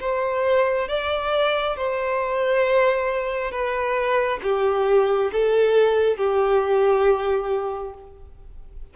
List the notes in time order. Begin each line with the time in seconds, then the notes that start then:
0.00 C5
0.88 D5
1.76 C5
3.51 B4
4.43 G4
5.32 A4
6.17 G4